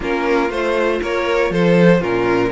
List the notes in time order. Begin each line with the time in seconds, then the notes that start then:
0.00 A#3 C#4 F4 A#4
0.48 A3 F4 C5
1.01 A#3 A#4 C#5
1.50 F3 A4 C5
2.00 A#2 C#4 F4 A#4